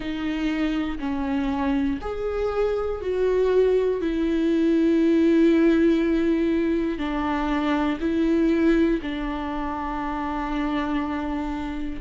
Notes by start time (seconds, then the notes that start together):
0.00 D#4
0.99 C#4
2.00 G#4
3.00 F#4
4.01 E4
6.98 D4
8.00 E4
9.02 D4